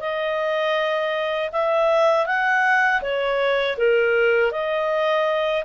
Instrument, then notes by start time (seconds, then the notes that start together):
clarinet
0.00 D#5
1.52 E5
2.26 F#5
3.01 C#5
3.77 A#4
4.51 D#5